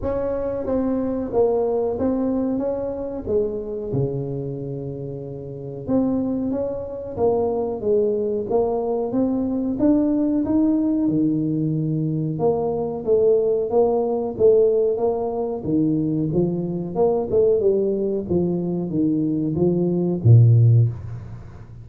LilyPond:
\new Staff \with { instrumentName = "tuba" } { \time 4/4 \tempo 4 = 92 cis'4 c'4 ais4 c'4 | cis'4 gis4 cis2~ | cis4 c'4 cis'4 ais4 | gis4 ais4 c'4 d'4 |
dis'4 dis2 ais4 | a4 ais4 a4 ais4 | dis4 f4 ais8 a8 g4 | f4 dis4 f4 ais,4 | }